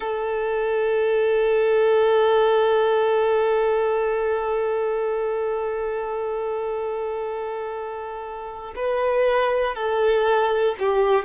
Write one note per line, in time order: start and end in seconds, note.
0.00 8.74 A4
8.75 9.75 B4
9.75 10.75 A4
10.79 11.25 G4